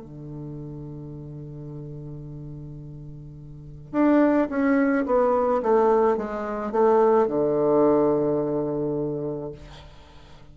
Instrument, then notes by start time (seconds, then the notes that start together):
bassoon
0.00 D3
3.92 D4
4.49 C#4
5.06 B3
5.63 A3
6.17 G#3
6.72 A3
7.27 D3